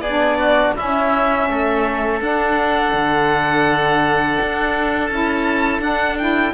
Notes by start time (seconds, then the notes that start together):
0.00 B3 G#4 D5
0.07 D4
0.38 F#4
0.77 C#4 E4 E5
1.49 A3 A4
2.20 D4 F#5
2.94 D3
4.41 D4
5.07 C#4 E4 A5
5.79 D4 F#5
6.18 E4 G5